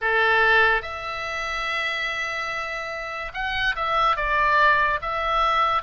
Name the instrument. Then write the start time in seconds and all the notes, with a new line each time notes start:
oboe
0.01 A4
0.82 E5
3.33 F#5
3.75 E5
4.16 D5
5.01 E5